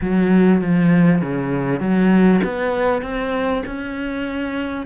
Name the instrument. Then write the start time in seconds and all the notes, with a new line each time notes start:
cello
0.01 F#3
0.61 F3
1.21 C#3
1.80 F#3
2.44 B3
3.02 C4
3.66 C#4